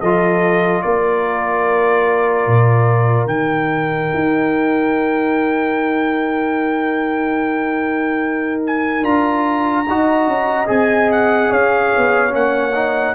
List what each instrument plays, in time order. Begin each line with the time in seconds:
0.00 tuba F3, trombone F4, horn A4, trumpet D#5
0.82 tuba A#3, horn A#4, trumpet D5
2.46 tuba A#2
3.26 tuba D#3, trombone D#4, trumpet G5
4.13 tuba D#4
8.66 trumpet G#5
9.02 tuba D4, trombone F4, trumpet A#5
9.87 tuba D#4, trombone F#4, horn D#5
10.27 tuba C#4
10.66 tuba C4, trombone G#4, trumpet G#5
11.11 trumpet F#5
11.50 tuba C#4, horn C#5, trumpet F5
11.97 tuba B3
12.29 tuba A#3, trombone C#4, trumpet F#5
12.75 trombone D#4